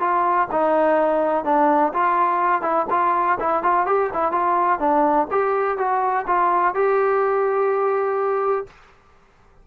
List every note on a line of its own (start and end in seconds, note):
0.00 0.48 F4
0.52 1.44 D#4
1.44 1.92 D4
1.94 2.62 F4
2.62 2.86 E4
2.90 3.38 F4
3.40 3.63 E4
3.63 3.87 F4
3.87 4.11 G4
4.13 4.32 E4
4.32 4.80 F4
4.80 5.28 D4
5.31 5.78 G4
5.78 6.26 F#4
6.27 6.75 F4
6.75 8.67 G4